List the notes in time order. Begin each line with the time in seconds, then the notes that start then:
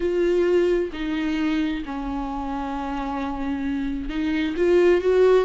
0.00 F4
0.93 D#4
1.85 C#4
4.09 D#4
4.56 F4
5.01 F#4